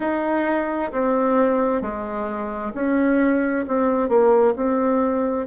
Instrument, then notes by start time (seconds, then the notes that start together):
bassoon
0.00 D#4
0.91 C4
1.81 G#3
2.74 C#4
3.67 C4
4.08 A#3
4.55 C4